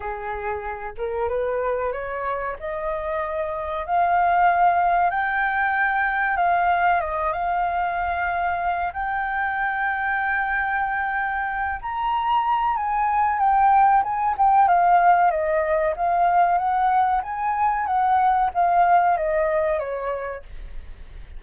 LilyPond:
\new Staff \with { instrumentName = "flute" } { \time 4/4 \tempo 4 = 94 gis'4. ais'8 b'4 cis''4 | dis''2 f''2 | g''2 f''4 dis''8 f''8~ | f''2 g''2~ |
g''2~ g''8 ais''4. | gis''4 g''4 gis''8 g''8 f''4 | dis''4 f''4 fis''4 gis''4 | fis''4 f''4 dis''4 cis''4 | }